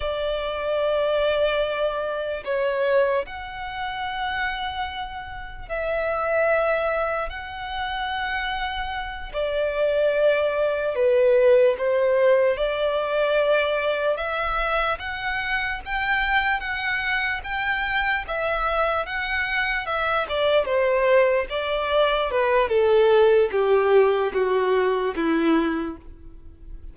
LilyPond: \new Staff \with { instrumentName = "violin" } { \time 4/4 \tempo 4 = 74 d''2. cis''4 | fis''2. e''4~ | e''4 fis''2~ fis''8 d''8~ | d''4. b'4 c''4 d''8~ |
d''4. e''4 fis''4 g''8~ | g''8 fis''4 g''4 e''4 fis''8~ | fis''8 e''8 d''8 c''4 d''4 b'8 | a'4 g'4 fis'4 e'4 | }